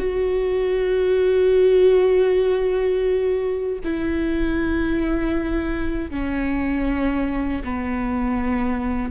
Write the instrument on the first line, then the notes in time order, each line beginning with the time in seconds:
viola
0.00 F#4
3.84 E4
6.11 C#4
7.64 B3